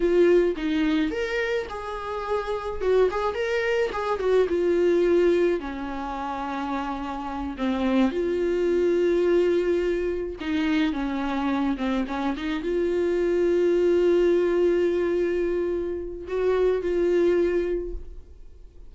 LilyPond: \new Staff \with { instrumentName = "viola" } { \time 4/4 \tempo 4 = 107 f'4 dis'4 ais'4 gis'4~ | gis'4 fis'8 gis'8 ais'4 gis'8 fis'8 | f'2 cis'2~ | cis'4. c'4 f'4.~ |
f'2~ f'8 dis'4 cis'8~ | cis'4 c'8 cis'8 dis'8 f'4.~ | f'1~ | f'4 fis'4 f'2 | }